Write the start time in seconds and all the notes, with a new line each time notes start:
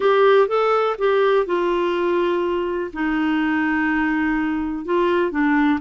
0.00 G4
0.48 A4
0.98 G4
1.46 F4
2.93 D#4
4.85 F4
5.31 D4